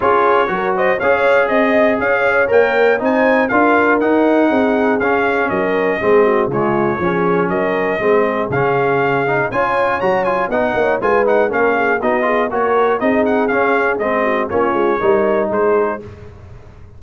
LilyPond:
<<
  \new Staff \with { instrumentName = "trumpet" } { \time 4/4 \tempo 4 = 120 cis''4. dis''8 f''4 dis''4 | f''4 g''4 gis''4 f''4 | fis''2 f''4 dis''4~ | dis''4 cis''2 dis''4~ |
dis''4 f''2 gis''4 | ais''8 gis''8 fis''4 gis''8 fis''8 f''4 | dis''4 cis''4 dis''8 fis''8 f''4 | dis''4 cis''2 c''4 | }
  \new Staff \with { instrumentName = "horn" } { \time 4/4 gis'4 ais'8 c''8 cis''4 dis''4 | cis''2 c''4 ais'4~ | ais'4 gis'2 ais'4 | gis'8 fis'8 f'4 gis'4 ais'4 |
gis'2. cis''4~ | cis''4 dis''8 cis''8 b'4 ais'8 gis'8 | fis'8 gis'8 ais'4 gis'2~ | gis'8 fis'8 f'4 ais'4 gis'4 | }
  \new Staff \with { instrumentName = "trombone" } { \time 4/4 f'4 fis'4 gis'2~ | gis'4 ais'4 dis'4 f'4 | dis'2 cis'2 | c'4 gis4 cis'2 |
c'4 cis'4. dis'8 f'4 | fis'8 f'8 dis'4 f'8 dis'8 cis'4 | dis'8 f'8 fis'4 dis'4 cis'4 | c'4 cis'4 dis'2 | }
  \new Staff \with { instrumentName = "tuba" } { \time 4/4 cis'4 fis4 cis'4 c'4 | cis'4 ais4 c'4 d'4 | dis'4 c'4 cis'4 fis4 | gis4 cis4 f4 fis4 |
gis4 cis2 cis'4 | fis4 b8 ais8 gis4 ais4 | b4 ais4 c'4 cis'4 | gis4 ais8 gis8 g4 gis4 | }
>>